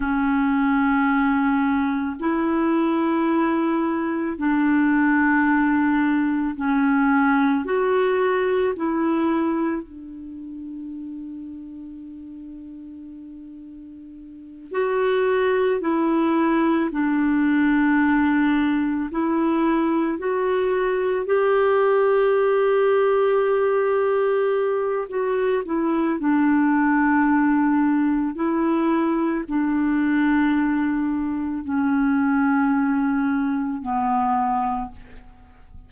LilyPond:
\new Staff \with { instrumentName = "clarinet" } { \time 4/4 \tempo 4 = 55 cis'2 e'2 | d'2 cis'4 fis'4 | e'4 d'2.~ | d'4. fis'4 e'4 d'8~ |
d'4. e'4 fis'4 g'8~ | g'2. fis'8 e'8 | d'2 e'4 d'4~ | d'4 cis'2 b4 | }